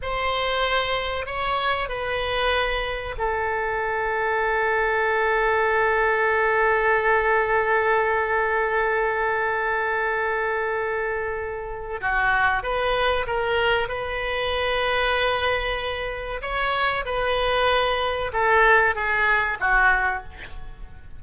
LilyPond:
\new Staff \with { instrumentName = "oboe" } { \time 4/4 \tempo 4 = 95 c''2 cis''4 b'4~ | b'4 a'2.~ | a'1~ | a'1~ |
a'2. fis'4 | b'4 ais'4 b'2~ | b'2 cis''4 b'4~ | b'4 a'4 gis'4 fis'4 | }